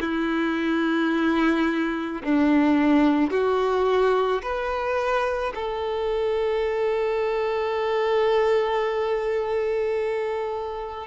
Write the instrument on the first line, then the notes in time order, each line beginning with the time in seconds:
violin
0.00 E4
2.24 D4
3.31 F#4
4.42 B4
5.55 A4